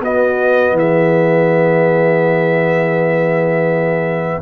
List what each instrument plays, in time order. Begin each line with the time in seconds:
0.00 tuba B3, trombone B3, horn F#4, trumpet D#5
0.72 tuba E3
0.78 horn G#4, trumpet E5